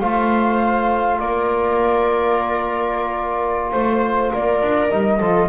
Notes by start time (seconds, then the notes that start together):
0.00 A3 F4 C5 F5
1.19 A#3 A#4 D5
3.72 A3 C5
4.31 A#3 A#4 D5
4.61 D4
4.90 G3 D#4 D#5
5.19 F3 F4 A4